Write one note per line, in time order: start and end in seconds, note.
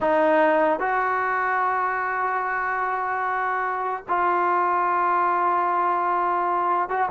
0.00 0.79 D#4
0.79 4.03 F#4
4.08 6.89 F4
6.89 7.09 F#4